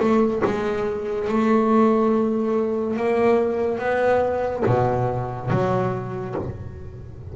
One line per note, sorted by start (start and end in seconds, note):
0.00 0.42 A3
0.45 1.29 G#3
1.29 2.97 A3
2.97 3.79 A#3
3.79 4.63 B3
4.66 5.50 B2
5.50 6.35 F#3